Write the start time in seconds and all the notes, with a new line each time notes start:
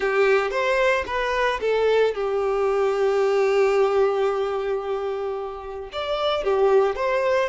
0.00 G4
0.50 C5
1.06 B4
1.60 A4
2.14 G4
5.92 D5
6.44 G4
6.95 C5